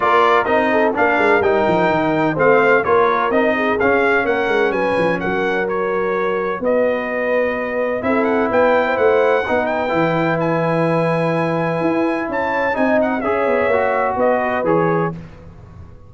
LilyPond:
<<
  \new Staff \with { instrumentName = "trumpet" } { \time 4/4 \tempo 4 = 127 d''4 dis''4 f''4 g''4~ | g''4 f''4 cis''4 dis''4 | f''4 fis''4 gis''4 fis''4 | cis''2 dis''2~ |
dis''4 e''8 fis''8 g''4 fis''4~ | fis''8 g''4. gis''2~ | gis''2 a''4 gis''8 fis''8 | e''2 dis''4 cis''4 | }
  \new Staff \with { instrumentName = "horn" } { \time 4/4 ais'4. a'8 ais'2~ | ais'4 c''4 ais'4. gis'8~ | gis'4 ais'4 b'4 ais'4~ | ais'2 b'2~ |
b'4 a'4 b'8. c''4~ c''16 | b'1~ | b'2 cis''4 dis''4 | cis''2 b'2 | }
  \new Staff \with { instrumentName = "trombone" } { \time 4/4 f'4 dis'4 d'4 dis'4~ | dis'4 c'4 f'4 dis'4 | cis'1 | fis'1~ |
fis'4 e'2. | dis'4 e'2.~ | e'2. dis'4 | gis'4 fis'2 gis'4 | }
  \new Staff \with { instrumentName = "tuba" } { \time 4/4 ais4 c'4 ais8 gis8 g8 f8 | dis4 a4 ais4 c'4 | cis'4 ais8 gis8 fis8 f8 fis4~ | fis2 b2~ |
b4 c'4 b4 a4 | b4 e2.~ | e4 e'4 cis'4 c'4 | cis'8 b8 ais4 b4 e4 | }
>>